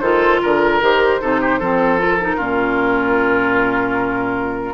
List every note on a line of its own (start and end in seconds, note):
0.00 0.40 D#3
0.00 0.82 F4
0.00 0.41 A4
0.00 0.39 C5
0.42 0.81 D3
0.42 1.21 A#4
0.42 0.83 A#4
0.81 1.20 D#3
0.81 1.21 G4
0.81 2.00 C5
1.21 1.61 C3
1.21 1.60 D#4
1.21 1.41 A4
1.41 1.59 G4
1.59 2.39 F3
1.59 1.98 C4
1.59 2.36 A4
1.98 2.18 F4
1.98 4.74 A#4
2.21 2.39 D#4
2.36 4.74 A#2
2.36 4.74 C#4
2.36 4.73 F4